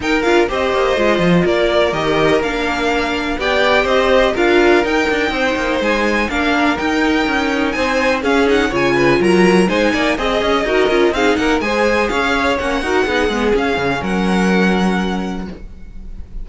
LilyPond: <<
  \new Staff \with { instrumentName = "violin" } { \time 4/4 \tempo 4 = 124 g''8 f''8 dis''2 d''4 | dis''4 f''2 g''4 | dis''4 f''4 g''2 | gis''4 f''4 g''2 |
gis''4 f''8 fis''8 gis''4 ais''4 | gis''4 dis''2 f''8 fis''8 | gis''4 f''4 fis''2 | f''4 fis''2. | }
  \new Staff \with { instrumentName = "violin" } { \time 4/4 ais'4 c''2 ais'4~ | ais'2. d''4 | c''4 ais'2 c''4~ | c''4 ais'2. |
c''4 gis'4 cis''8 b'8 ais'4 | c''8 d''8 dis''4 ais'4 gis'8 ais'8 | c''4 cis''4. ais'8 gis'4~ | gis'4 ais'2. | }
  \new Staff \with { instrumentName = "viola" } { \time 4/4 dis'8 f'8 g'4 f'2 | g'4 d'2 g'4~ | g'4 f'4 dis'2~ | dis'4 d'4 dis'2~ |
dis'4 cis'8 dis'8 f'2 | dis'4 gis'4 fis'8 f'8 dis'4 | gis'2 cis'8 fis'8 dis'8 b8 | cis'1 | }
  \new Staff \with { instrumentName = "cello" } { \time 4/4 dis'8 d'8 c'8 ais8 gis8 f8 ais4 | dis4 ais2 b4 | c'4 d'4 dis'8 d'8 c'8 ais8 | gis4 ais4 dis'4 cis'4 |
c'4 cis'4 cis4 fis4 | gis8 ais8 c'8 cis'8 dis'8 cis'8 c'8 ais8 | gis4 cis'4 ais8 dis'8 b8 gis8 | cis'8 cis8 fis2. | }
>>